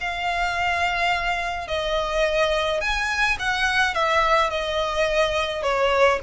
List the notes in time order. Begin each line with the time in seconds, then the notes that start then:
0.00 F5
1.67 D#5
2.80 G#5
3.39 F#5
3.94 E5
4.49 D#5
5.63 C#5